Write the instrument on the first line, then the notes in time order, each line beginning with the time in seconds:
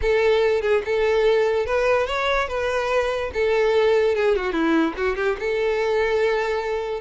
violin
0.01 A4
0.61 G#4
0.85 A4
1.66 B4
2.07 C#5
2.48 B4
3.33 A4
4.15 G#4
4.36 F#4
4.52 E4
4.96 F#4
5.16 G4
5.39 A4